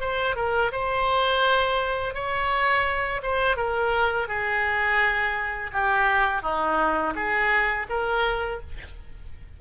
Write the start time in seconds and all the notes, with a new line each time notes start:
0.00 C5
0.36 A#4
0.72 C5
2.14 C#5
3.23 C5
3.57 A#4
4.28 G#4
5.73 G4
6.43 D#4
7.15 G#4
7.89 A#4